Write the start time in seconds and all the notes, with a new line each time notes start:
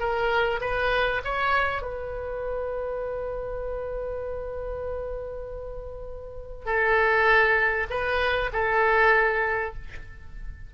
0.00 A#4
0.61 B4
1.25 C#5
1.82 B4
6.66 A4
7.90 B4
8.53 A4